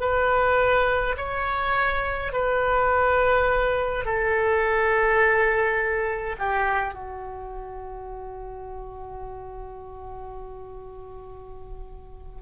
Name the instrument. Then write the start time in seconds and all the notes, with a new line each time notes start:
oboe
0.00 B4
1.17 C#5
2.32 B4
4.05 A4
6.38 G4
6.93 F#4